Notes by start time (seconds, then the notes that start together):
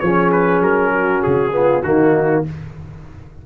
0.00 F3 C#4 G#4 C#5
0.32 B4
0.61 F#3 A#4
0.92 F#4
1.23 C#3 G#4
1.51 B3 F4
1.83 D#3 A#3 D#4 F#4